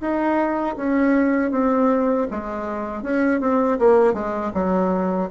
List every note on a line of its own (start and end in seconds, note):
0.00 0.76 D#4
0.76 1.51 C#4
1.51 2.27 C4
2.31 3.03 G#3
3.03 3.40 C#4
3.40 3.78 C4
3.79 4.13 A#3
4.13 4.51 G#3
4.54 5.30 F#3